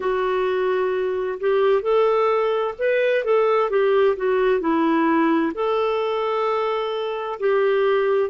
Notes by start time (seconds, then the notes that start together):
0.00 F#4
1.40 G4
1.82 A4
2.78 B4
3.24 A4
3.70 G4
4.16 F#4
4.60 E4
5.54 A4
7.39 G4